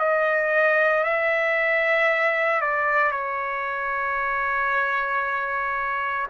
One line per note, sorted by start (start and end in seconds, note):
0.00 1.04 D#5
1.04 2.62 E5
2.62 3.11 D5
3.11 6.27 C#5